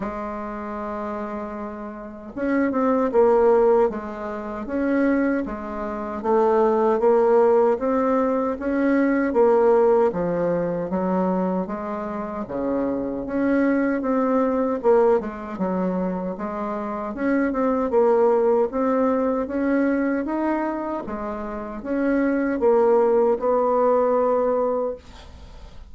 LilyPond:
\new Staff \with { instrumentName = "bassoon" } { \time 4/4 \tempo 4 = 77 gis2. cis'8 c'8 | ais4 gis4 cis'4 gis4 | a4 ais4 c'4 cis'4 | ais4 f4 fis4 gis4 |
cis4 cis'4 c'4 ais8 gis8 | fis4 gis4 cis'8 c'8 ais4 | c'4 cis'4 dis'4 gis4 | cis'4 ais4 b2 | }